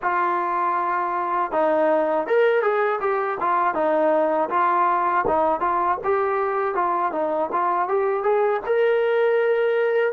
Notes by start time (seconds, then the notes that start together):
0.02 F4
1.51 D#4
2.27 A#4
2.62 G#4
3.00 G4
3.40 F4
3.74 D#4
4.49 F4
5.27 D#4
5.60 F4
6.04 G4
6.74 F4
7.12 D#4
7.52 F4
7.88 G4
8.23 G#4
8.66 A#4